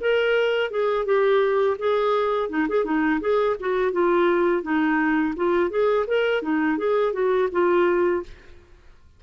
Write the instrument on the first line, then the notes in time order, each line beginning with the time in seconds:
clarinet
0.00 A#4
0.70 G#4
1.05 G4
1.78 G#4
2.49 D#4
2.68 G#4
2.84 D#4
3.20 G#4
3.59 F#4
3.92 F4
4.62 D#4
5.36 F4
5.70 G#4
6.07 A#4
6.42 D#4
6.78 G#4
7.13 F#4
7.51 F4